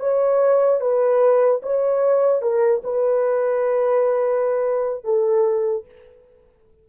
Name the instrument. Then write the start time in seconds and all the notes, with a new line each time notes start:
horn
0.00 C#5
0.81 B4
1.63 C#5
2.42 A#4
2.84 B4
5.05 A4